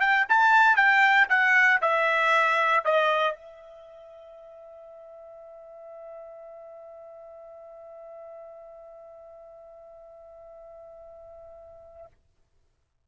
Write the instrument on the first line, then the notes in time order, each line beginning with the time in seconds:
trumpet
0.00 G5
0.28 A5
0.76 G5
1.29 F#5
1.81 E5
2.84 D#5
3.34 E5